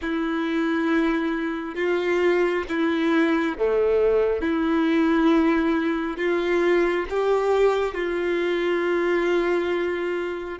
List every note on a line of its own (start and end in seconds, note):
0.01 1.75 E4
1.75 2.63 F4
2.69 3.57 E4
3.57 4.41 A3
4.41 6.17 E4
6.17 7.05 F4
7.09 7.94 G4
7.94 10.59 F4